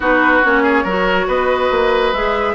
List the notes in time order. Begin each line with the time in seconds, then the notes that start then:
0.00 B3 D#4 F#4 B4
0.43 A#3 C#4 C#5
0.62 G#4
0.83 F#3 F#4 A#4
1.27 B3 B4 D#5
1.71 A#3
2.13 G#3 G#4 E5